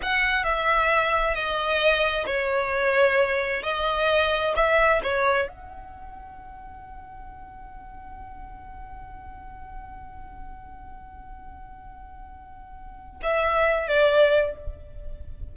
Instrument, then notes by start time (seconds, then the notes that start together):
violin
0.02 F#5
0.43 E5
1.34 D#5
2.26 C#5
3.62 D#5
4.56 E5
5.03 C#5
5.48 F#5
13.23 E5
13.88 D5